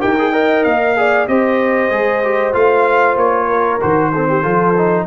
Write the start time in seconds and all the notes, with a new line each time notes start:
0.00 D#4 G4 A#4 G5
0.18 G#4
0.32 A#4 D#5
0.64 A#3 F5
0.96 G#4 D5
1.27 C4 G4 C5 D#5
1.91 G#3 G#4
2.24 G4
2.53 A3 F4 F5
3.16 A#3 C#5
3.48 A#4
3.81 D#3 F#4 C5
4.12 C4 A4
4.28 G4
4.42 F3 F4 A4
4.77 D#4